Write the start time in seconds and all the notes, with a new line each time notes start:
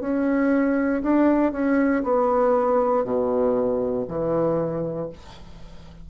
0.00 C#4
1.02 D4
1.52 C#4
2.03 B3
3.04 B2
4.08 E3